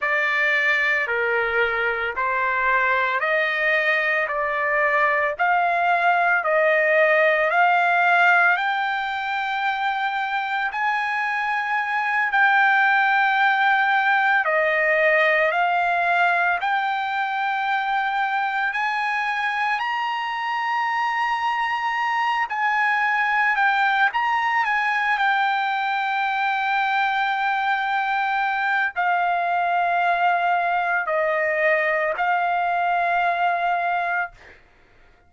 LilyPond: \new Staff \with { instrumentName = "trumpet" } { \time 4/4 \tempo 4 = 56 d''4 ais'4 c''4 dis''4 | d''4 f''4 dis''4 f''4 | g''2 gis''4. g''8~ | g''4. dis''4 f''4 g''8~ |
g''4. gis''4 ais''4.~ | ais''4 gis''4 g''8 ais''8 gis''8 g''8~ | g''2. f''4~ | f''4 dis''4 f''2 | }